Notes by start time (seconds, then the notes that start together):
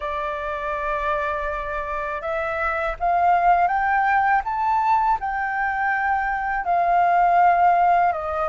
0.00 D5
2.21 E5
2.99 F5
3.67 G5
4.44 A5
5.20 G5
6.65 F5
8.12 D#5